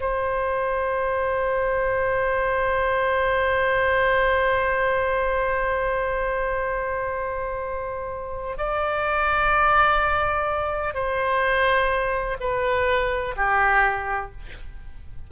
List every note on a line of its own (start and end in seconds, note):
0.00 8.57 C5
8.58 10.94 D5
10.94 12.37 C5
12.40 13.35 B4
13.36 14.32 G4